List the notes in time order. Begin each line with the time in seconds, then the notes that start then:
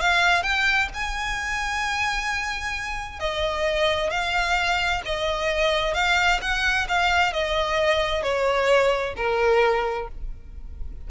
0.00 F5
0.42 G5
0.94 G#5
3.19 D#5
4.10 F5
5.05 D#5
5.94 F5
6.41 F#5
6.88 F5
7.33 D#5
8.22 C#5
9.16 A#4